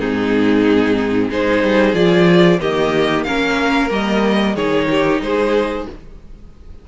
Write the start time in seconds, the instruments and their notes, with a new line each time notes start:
0.00 cello G#2, viola C4, violin D#4 G#4
1.30 cello G#3, viola D#4, violin G#4 C5
1.64 cello G3
1.94 cello F3, viola F4, violin D5
2.60 cello D#3, viola A#3, violin G4 D#5
3.24 cello A#3, viola C#4, violin A#4 F5
3.89 cello G3, viola A#3, violin D#5
4.55 cello D#3, viola D#4, violin G#4 C#5
4.90 violin G4
5.22 cello G#3, violin G#4 C5